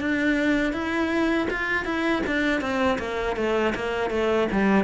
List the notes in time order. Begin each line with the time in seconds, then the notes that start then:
0.00 D4
0.72 E4
1.50 F4
1.84 E4
2.26 D4
2.60 C4
2.98 A#3
3.36 A3
3.75 A#3
4.10 A3
4.51 G3